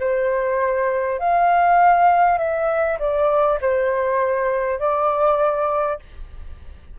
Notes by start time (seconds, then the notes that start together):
0.00 C5
1.19 F5
2.38 E5
2.99 D5
3.62 C5
4.79 D5